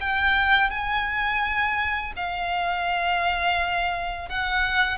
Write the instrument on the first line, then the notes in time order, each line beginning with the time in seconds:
violin
0.00 G5
0.70 G#5
2.16 F5
4.29 F#5